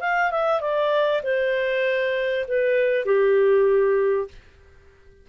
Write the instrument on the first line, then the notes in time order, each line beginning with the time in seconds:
clarinet
0.00 F5
0.31 E5
0.60 D5
1.22 C5
2.47 B4
3.05 G4